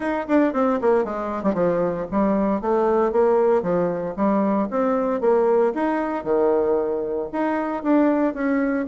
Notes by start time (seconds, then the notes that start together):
0.00 D#4
0.28 D4
0.53 C4
0.81 A#3
1.04 G#3
1.43 G3
1.54 F3
2.11 G3
2.61 A3
3.12 A#3
3.62 F3
4.16 G3
4.70 C4
5.20 A#3
5.74 D#4
6.23 D#3
7.32 D#4
7.83 D4
8.34 C#4